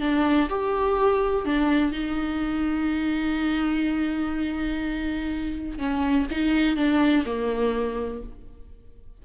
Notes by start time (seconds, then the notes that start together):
0.00 D4
0.49 G4
1.45 D4
1.91 D#4
5.78 C#4
6.30 D#4
6.76 D4
7.25 A#3